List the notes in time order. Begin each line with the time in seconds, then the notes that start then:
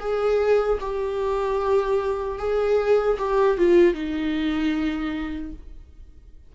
0.00 G#4
0.81 G4
2.39 G#4
3.19 G4
3.58 F4
3.94 D#4